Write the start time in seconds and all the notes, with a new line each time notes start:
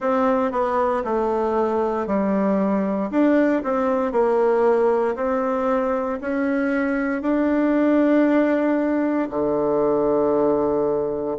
0.00 C4
0.51 B3
1.04 A3
2.06 G3
3.10 D4
3.63 C4
4.11 A#3
5.15 C4
6.21 C#4
7.21 D4
9.30 D3